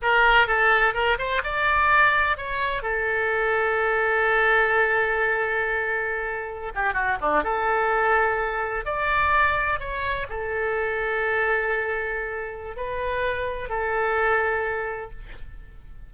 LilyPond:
\new Staff \with { instrumentName = "oboe" } { \time 4/4 \tempo 4 = 127 ais'4 a'4 ais'8 c''8 d''4~ | d''4 cis''4 a'2~ | a'1~ | a'2~ a'16 g'8 fis'8 d'8 a'16~ |
a'2~ a'8. d''4~ d''16~ | d''8. cis''4 a'2~ a'16~ | a'2. b'4~ | b'4 a'2. | }